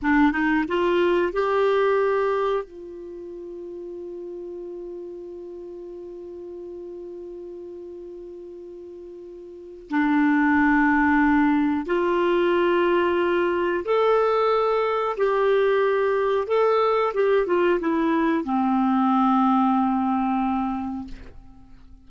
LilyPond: \new Staff \with { instrumentName = "clarinet" } { \time 4/4 \tempo 4 = 91 d'8 dis'8 f'4 g'2 | f'1~ | f'1~ | f'2. d'4~ |
d'2 f'2~ | f'4 a'2 g'4~ | g'4 a'4 g'8 f'8 e'4 | c'1 | }